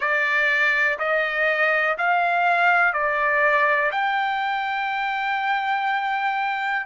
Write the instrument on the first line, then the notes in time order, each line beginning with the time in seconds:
trumpet
0.00 D5
0.98 D#5
1.98 F5
2.92 D5
3.91 G5